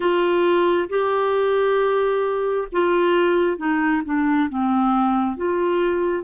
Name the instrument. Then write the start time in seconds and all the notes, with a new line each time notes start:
clarinet
0.00 F4
0.89 G4
2.72 F4
3.57 D#4
4.04 D4
4.49 C4
5.36 F4